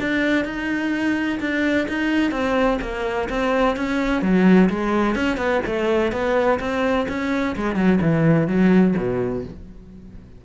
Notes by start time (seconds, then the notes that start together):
0.00 D4
0.45 D#4
1.40 D4
1.89 D#4
2.31 C4
2.82 A#3
3.29 C4
3.76 C#4
4.22 F#3
4.70 G#3
5.15 C#4
5.38 B3
5.66 A3
6.12 B3
6.60 C4
7.08 C#4
7.56 G#3
7.76 F#3
8.01 E3
8.48 F#3
8.97 B2